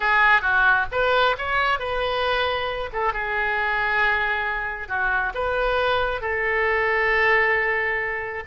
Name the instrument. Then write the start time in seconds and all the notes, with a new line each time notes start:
oboe
0.00 G#4
0.41 F#4
0.91 B4
1.38 C#5
1.79 B4
2.92 A4
3.13 G#4
4.88 F#4
5.34 B4
6.21 A4